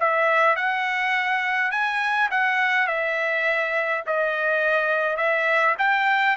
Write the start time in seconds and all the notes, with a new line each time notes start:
0.00 E5
0.56 F#5
1.71 G#5
2.31 F#5
2.88 E5
4.07 D#5
5.17 E5
5.79 G5